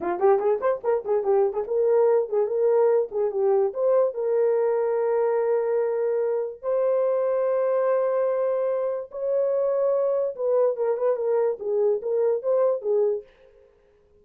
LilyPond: \new Staff \with { instrumentName = "horn" } { \time 4/4 \tempo 4 = 145 f'8 g'8 gis'8 c''8 ais'8 gis'8 g'8. gis'16 | ais'4. gis'8 ais'4. gis'8 | g'4 c''4 ais'2~ | ais'1 |
c''1~ | c''2 cis''2~ | cis''4 b'4 ais'8 b'8 ais'4 | gis'4 ais'4 c''4 gis'4 | }